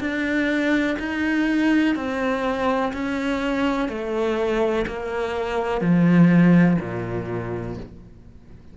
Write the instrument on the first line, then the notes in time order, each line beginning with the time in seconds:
cello
0.00 D4
0.99 D#4
1.95 C4
2.93 C#4
3.88 A3
4.87 A#3
5.81 F3
6.80 A#2